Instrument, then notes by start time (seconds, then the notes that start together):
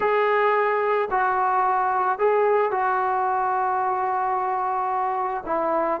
trombone
0.00 G#4
1.11 F#4
2.18 G#4
2.71 F#4
5.46 E4